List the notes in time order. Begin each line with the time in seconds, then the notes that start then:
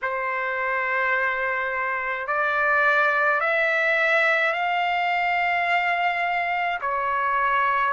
0.02 C5
2.27 D5
3.40 E5
4.53 F5
6.81 C#5